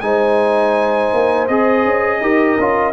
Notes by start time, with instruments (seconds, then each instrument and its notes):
0.00 tuba G#3, trombone D#4, horn C5, trumpet G#5
1.13 tuba A#3
1.47 tuba C4, trombone G#4, trumpet D#5
1.84 tuba C#4
2.20 tuba D#4, trombone G4, horn A#4
2.58 tuba C#4, trombone F4